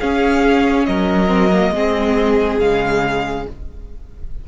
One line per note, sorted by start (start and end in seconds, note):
0.00 1.28 C#4
0.00 0.88 C#4
0.00 0.87 G#4
0.00 0.86 F5
0.86 1.71 F#3
0.86 1.74 A#4
0.86 2.60 D#5
1.28 1.50 C4
1.53 1.75 A#3
1.71 2.58 G#3
1.71 2.61 C4
1.71 3.48 G#4
2.59 3.46 C#3
2.59 3.48 G#3
2.59 3.47 F5